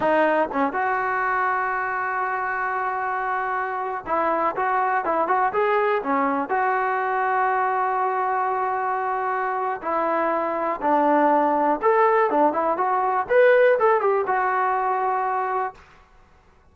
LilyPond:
\new Staff \with { instrumentName = "trombone" } { \time 4/4 \tempo 4 = 122 dis'4 cis'8 fis'2~ fis'8~ | fis'1~ | fis'16 e'4 fis'4 e'8 fis'8 gis'8.~ | gis'16 cis'4 fis'2~ fis'8.~ |
fis'1 | e'2 d'2 | a'4 d'8 e'8 fis'4 b'4 | a'8 g'8 fis'2. | }